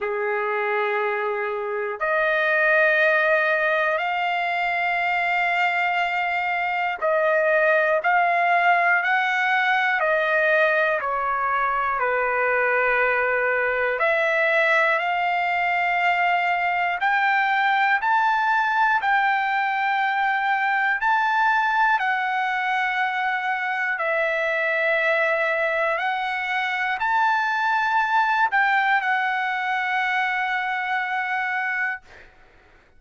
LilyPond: \new Staff \with { instrumentName = "trumpet" } { \time 4/4 \tempo 4 = 60 gis'2 dis''2 | f''2. dis''4 | f''4 fis''4 dis''4 cis''4 | b'2 e''4 f''4~ |
f''4 g''4 a''4 g''4~ | g''4 a''4 fis''2 | e''2 fis''4 a''4~ | a''8 g''8 fis''2. | }